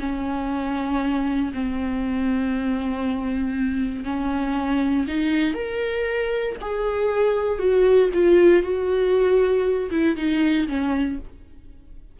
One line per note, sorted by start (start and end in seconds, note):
0.00 1.53 C#4
1.54 4.05 C4
4.05 5.06 C#4
5.08 5.54 D#4
5.54 6.56 A#4
6.61 7.59 G#4
7.59 8.10 F#4
8.14 8.63 F4
8.63 9.90 F#4
9.91 10.17 E4
10.17 10.68 D#4
10.68 11.19 C#4